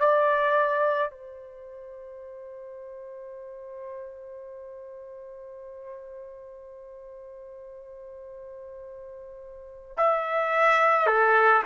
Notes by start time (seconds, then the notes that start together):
0.00 D5
1.11 C5
9.97 E5
11.07 A4